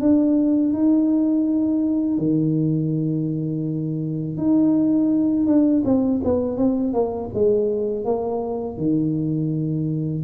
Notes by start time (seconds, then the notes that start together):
0.00 D4
0.73 D#4
2.18 D#3
4.37 D#4
5.46 D4
5.84 C4
6.24 B3
6.57 C4
6.93 A#3
7.33 G#3
8.04 A#3
8.77 D#3